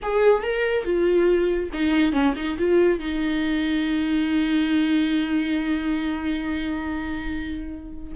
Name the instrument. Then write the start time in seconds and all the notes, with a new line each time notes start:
viola
0.02 G#4
0.42 A#4
0.84 F4
1.73 D#4
2.12 C#4
2.36 D#4
2.58 F4
2.99 D#4